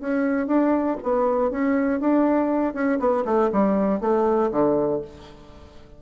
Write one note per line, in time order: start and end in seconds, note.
0.00 0.47 C#4
0.47 0.97 D4
1.03 1.51 B3
1.51 2.00 C#4
2.00 2.74 D4
2.74 2.99 C#4
2.99 3.24 B3
3.25 3.50 A3
3.52 4.01 G3
4.01 4.51 A3
4.51 5.01 D3